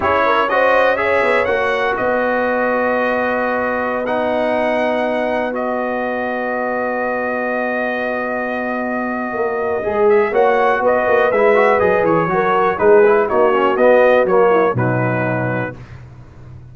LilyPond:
<<
  \new Staff \with { instrumentName = "trumpet" } { \time 4/4 \tempo 4 = 122 cis''4 dis''4 e''4 fis''4 | dis''1~ | dis''16 fis''2. dis''8.~ | dis''1~ |
dis''1~ | dis''8 e''8 fis''4 dis''4 e''4 | dis''8 cis''4. b'4 cis''4 | dis''4 cis''4 b'2 | }
  \new Staff \with { instrumentName = "horn" } { \time 4/4 gis'8 ais'8 c''4 cis''2 | b'1~ | b'1~ | b'1~ |
b'1~ | b'4 cis''4 b'2~ | b'4 ais'4 gis'4 fis'4~ | fis'4. e'8 dis'2 | }
  \new Staff \with { instrumentName = "trombone" } { \time 4/4 e'4 fis'4 gis'4 fis'4~ | fis'1~ | fis'16 dis'2. fis'8.~ | fis'1~ |
fis'1 | gis'4 fis'2 e'8 fis'8 | gis'4 fis'4 dis'8 e'8 dis'8 cis'8 | b4 ais4 fis2 | }
  \new Staff \with { instrumentName = "tuba" } { \time 4/4 cis'2~ cis'8 b8 ais4 | b1~ | b1~ | b1~ |
b2. ais4 | gis4 ais4 b8 ais8 gis4 | fis8 e8 fis4 gis4 ais4 | b4 fis4 b,2 | }
>>